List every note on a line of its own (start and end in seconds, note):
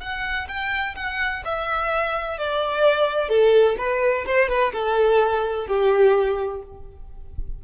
0.00 0.47 F#5
0.48 0.95 G5
0.95 1.42 F#5
1.44 2.38 E5
2.38 3.29 D5
3.29 3.76 A4
3.78 4.25 B4
4.25 4.49 C5
4.49 4.72 B4
4.72 5.67 A4
5.67 6.61 G4